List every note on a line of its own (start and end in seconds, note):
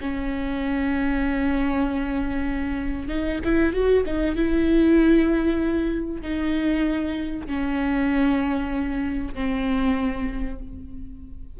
0.00 3.08 C#4
3.08 3.39 D#4
3.44 3.72 E4
3.72 4.04 F#4
4.05 4.36 D#4
4.36 6.22 E4
6.22 7.47 D#4
7.47 9.34 C#4
9.34 10.59 C4